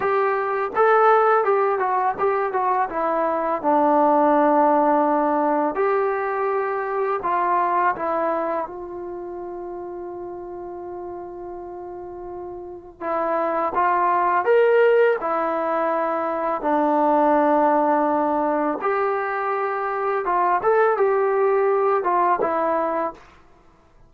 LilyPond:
\new Staff \with { instrumentName = "trombone" } { \time 4/4 \tempo 4 = 83 g'4 a'4 g'8 fis'8 g'8 fis'8 | e'4 d'2. | g'2 f'4 e'4 | f'1~ |
f'2 e'4 f'4 | ais'4 e'2 d'4~ | d'2 g'2 | f'8 a'8 g'4. f'8 e'4 | }